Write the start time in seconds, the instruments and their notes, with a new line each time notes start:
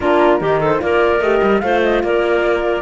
0.00 cello A#3, horn D4, clarinet F4, flute A#4
0.39 cello D#3, horn D#4, clarinet G4
0.60 clarinet A4, flute C5
0.79 cello A#3, horn F4, clarinet A#4, flute D5
1.20 cello A3, horn G4, flute D#5
1.42 cello G3
1.60 cello A3, horn F4, clarinet C5, flute F5
1.82 flute D#5
2.03 cello A#3, clarinet A#4, flute D5